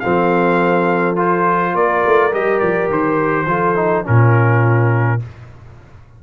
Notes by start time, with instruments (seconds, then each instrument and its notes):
0.00 tuba F3, trombone C4, horn A4, trumpet F5
1.16 trombone F4, trumpet C5
1.74 tuba A#3, horn A#4, trumpet D5
2.06 tuba A3
2.32 tuba G3, trombone G4, trumpet D#5
2.59 tuba F3, trumpet D5
2.90 tuba D#3, trumpet C5
3.46 tuba F3, trombone F4, horn A4
3.75 trombone D#4
4.04 tuba A#2, trombone C#4, horn F4, trumpet A#4